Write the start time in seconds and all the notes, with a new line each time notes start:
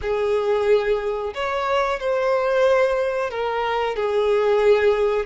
0.01 G#4
1.34 C#5
1.99 C5
3.30 A#4
3.96 G#4